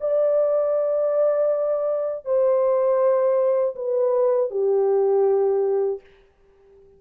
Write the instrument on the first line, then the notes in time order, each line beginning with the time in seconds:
horn
0.00 D5
2.25 C5
3.75 B4
4.50 G4